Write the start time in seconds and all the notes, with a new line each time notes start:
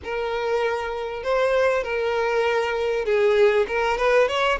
0.03 A#4
1.23 C5
1.83 A#4
3.05 G#4
3.67 A#4
3.97 B4
4.28 C#5